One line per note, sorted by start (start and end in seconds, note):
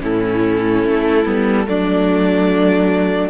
0.00 0.83 A2
0.00 1.23 C#4
0.00 1.67 E4
0.00 1.68 A4
0.83 1.24 A3
1.25 1.67 G3
1.25 1.65 B3
1.65 3.29 F#3
1.65 3.29 A3
1.65 3.29 D4
1.65 3.29 D5